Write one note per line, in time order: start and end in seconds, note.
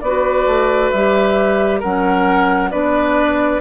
0.00 0.46 B3
0.00 0.95 F#4
0.00 1.79 B4
0.00 0.90 D5
0.46 0.90 A3
0.90 1.82 G3
0.90 1.83 G4
0.90 1.80 E5
1.79 2.72 F#3
1.79 2.71 C#4
1.79 2.69 A#4
1.79 2.70 F#5
2.70 3.60 B3
2.70 3.60 D4
2.70 3.60 B4
2.70 3.60 D5